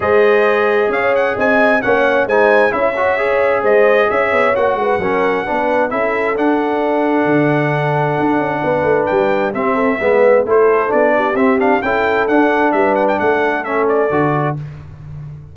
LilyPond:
<<
  \new Staff \with { instrumentName = "trumpet" } { \time 4/4 \tempo 4 = 132 dis''2 f''8 fis''8 gis''4 | fis''4 gis''4 e''2 | dis''4 e''4 fis''2~ | fis''4 e''4 fis''2~ |
fis''1 | g''4 e''2 c''4 | d''4 e''8 f''8 g''4 fis''4 | e''8 fis''16 g''16 fis''4 e''8 d''4. | }
  \new Staff \with { instrumentName = "horn" } { \time 4/4 c''2 cis''4 dis''4 | cis''4 c''4 cis''2 | c''4 cis''4. b'8 ais'4 | b'4 a'2.~ |
a'2. b'4~ | b'4 g'8 a'8 b'4 a'4~ | a'8 g'4. a'2 | b'4 a'2. | }
  \new Staff \with { instrumentName = "trombone" } { \time 4/4 gis'1 | cis'4 dis'4 e'8 fis'8 gis'4~ | gis'2 fis'4 cis'4 | d'4 e'4 d'2~ |
d'1~ | d'4 c'4 b4 e'4 | d'4 c'8 d'8 e'4 d'4~ | d'2 cis'4 fis'4 | }
  \new Staff \with { instrumentName = "tuba" } { \time 4/4 gis2 cis'4 c'4 | ais4 gis4 cis'2 | gis4 cis'8 b8 ais8 gis8 fis4 | b4 cis'4 d'2 |
d2 d'8 cis'8 b8 a8 | g4 c'4 gis4 a4 | b4 c'4 cis'4 d'4 | g4 a2 d4 | }
>>